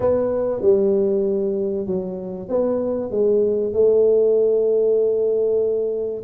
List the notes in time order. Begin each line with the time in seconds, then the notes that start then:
0.00 B3
0.61 G3
1.86 F#3
2.49 B3
3.10 G#3
3.73 A3